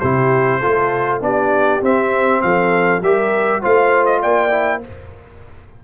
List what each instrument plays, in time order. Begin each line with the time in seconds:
0.00 tuba C3, trombone E4, horn G4, trumpet C5
0.60 trombone F4, horn A4
0.67 tuba A3
1.21 tuba B3, trombone D4, horn G4, trumpet D5
1.82 trombone C4, tuba C4, trumpet E5
2.43 tuba F3, horn A4, trumpet F5
3.01 tuba G3, trombone G4, horn A#4, trumpet E5
3.62 tuba A3, trombone F4, horn C5, trumpet F5
4.06 trumpet D#5
4.22 tuba A#3, horn D5, trumpet G5
4.51 trombone E4